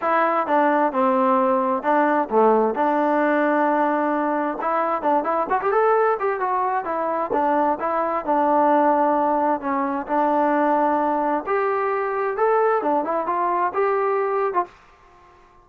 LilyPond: \new Staff \with { instrumentName = "trombone" } { \time 4/4 \tempo 4 = 131 e'4 d'4 c'2 | d'4 a4 d'2~ | d'2 e'4 d'8 e'8 | fis'16 g'16 a'4 g'8 fis'4 e'4 |
d'4 e'4 d'2~ | d'4 cis'4 d'2~ | d'4 g'2 a'4 | d'8 e'8 f'4 g'4.~ g'16 f'16 | }